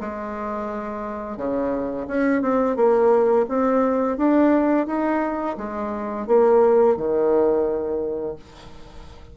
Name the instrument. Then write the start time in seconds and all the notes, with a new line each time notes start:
bassoon
0.00 G#3
1.37 C#3
2.07 C#4
2.42 C4
2.76 A#3
3.49 C4
4.17 D4
4.87 D#4
5.58 G#3
6.27 A#3
6.96 D#3